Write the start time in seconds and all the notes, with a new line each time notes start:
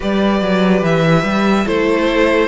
0.00 G3 G4 B4 D5
0.41 F#3
0.82 E3 E5
1.23 G3
1.65 A3 E4 A4 C5